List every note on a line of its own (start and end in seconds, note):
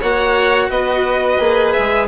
0.00 0.69 A#3
0.00 1.39 F#4
0.00 0.69 C#5
0.00 0.70 F#5
0.69 1.38 B3
0.69 2.08 B4
0.69 1.72 D#5
1.39 1.74 A#3
1.39 2.08 G#4
1.72 2.07 E5
1.78 2.08 G#3